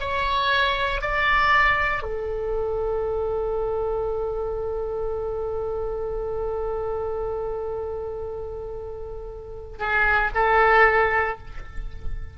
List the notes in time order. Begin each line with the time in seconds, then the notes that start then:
0.00 C#5
1.01 D5
2.03 A4
9.79 G#4
10.34 A4